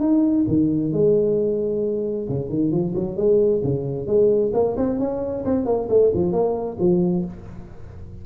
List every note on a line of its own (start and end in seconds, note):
0.00 0.45 D#4
0.47 0.92 D#3
0.92 2.28 G#3
2.29 2.49 C#3
2.49 2.71 D#3
2.71 2.94 F3
2.95 3.17 F#3
3.17 3.62 G#3
3.64 4.07 C#3
4.07 4.52 G#3
4.54 4.76 A#3
4.77 4.99 C4
4.99 5.44 C#4
5.45 5.66 C4
5.66 5.88 A#3
5.89 6.12 A3
6.14 6.32 F3
6.32 6.78 A#3
6.80 7.25 F3